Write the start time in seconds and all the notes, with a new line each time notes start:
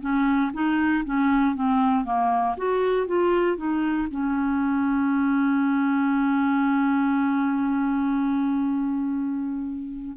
0.00 C#4
0.53 D#4
1.04 C#4
1.55 C4
2.04 A#3
2.57 F#4
3.07 F4
3.56 D#4
4.10 C#4